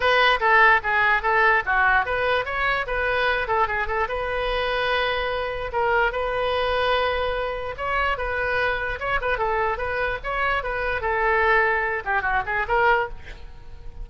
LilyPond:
\new Staff \with { instrumentName = "oboe" } { \time 4/4 \tempo 4 = 147 b'4 a'4 gis'4 a'4 | fis'4 b'4 cis''4 b'4~ | b'8 a'8 gis'8 a'8 b'2~ | b'2 ais'4 b'4~ |
b'2. cis''4 | b'2 cis''8 b'8 a'4 | b'4 cis''4 b'4 a'4~ | a'4. g'8 fis'8 gis'8 ais'4 | }